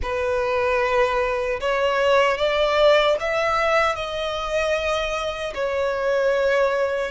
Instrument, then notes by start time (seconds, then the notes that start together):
violin
0.02 B4
1.60 C#5
2.37 D5
3.20 E5
3.95 D#5
5.54 C#5